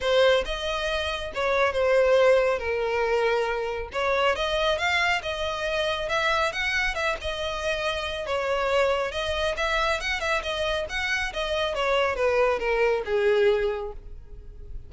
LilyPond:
\new Staff \with { instrumentName = "violin" } { \time 4/4 \tempo 4 = 138 c''4 dis''2 cis''4 | c''2 ais'2~ | ais'4 cis''4 dis''4 f''4 | dis''2 e''4 fis''4 |
e''8 dis''2~ dis''8 cis''4~ | cis''4 dis''4 e''4 fis''8 e''8 | dis''4 fis''4 dis''4 cis''4 | b'4 ais'4 gis'2 | }